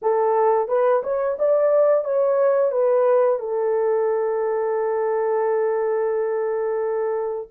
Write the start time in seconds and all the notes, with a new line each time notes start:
0.02 A4
0.68 B4
1.03 C#5
1.39 D5
2.04 C#5
2.71 B4
3.39 A4